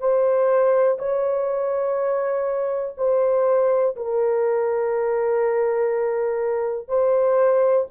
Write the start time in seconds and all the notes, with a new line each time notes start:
0.00 C5
0.99 C#5
2.98 C5
3.97 A#4
6.89 C5